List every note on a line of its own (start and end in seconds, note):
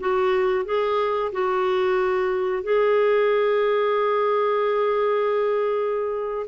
0.00 0.65 F#4
0.65 1.32 G#4
1.32 2.63 F#4
2.63 6.47 G#4